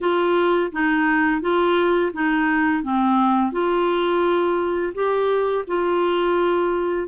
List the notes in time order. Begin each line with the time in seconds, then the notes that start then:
0.01 F4
0.72 D#4
1.41 F4
2.13 D#4
2.83 C4
3.52 F4
4.94 G4
5.67 F4